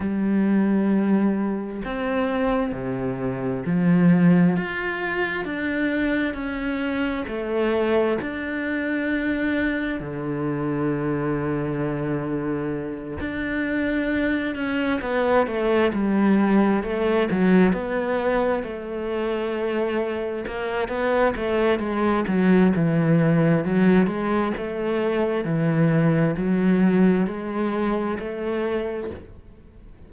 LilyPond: \new Staff \with { instrumentName = "cello" } { \time 4/4 \tempo 4 = 66 g2 c'4 c4 | f4 f'4 d'4 cis'4 | a4 d'2 d4~ | d2~ d8 d'4. |
cis'8 b8 a8 g4 a8 fis8 b8~ | b8 a2 ais8 b8 a8 | gis8 fis8 e4 fis8 gis8 a4 | e4 fis4 gis4 a4 | }